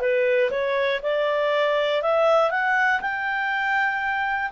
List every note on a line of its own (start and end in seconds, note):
0.00 0.50 B4
0.50 1.00 C#5
1.02 2.02 D5
2.02 2.50 E5
2.50 3.00 F#5
3.01 4.51 G5